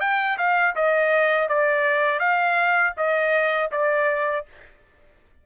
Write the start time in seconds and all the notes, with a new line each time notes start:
0.00 G5
0.38 F5
0.75 D#5
1.48 D5
2.19 F5
2.97 D#5
3.71 D5